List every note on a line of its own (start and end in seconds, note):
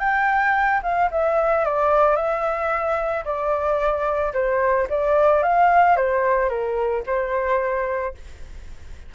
0.00 0.81 G5
0.83 1.10 F5
1.12 1.65 E5
1.65 2.16 D5
2.16 3.24 E5
3.25 4.33 D5
4.34 4.88 C5
4.90 5.43 D5
5.43 5.96 F5
5.96 6.49 C5
6.49 7.03 A#4
7.06 8.14 C5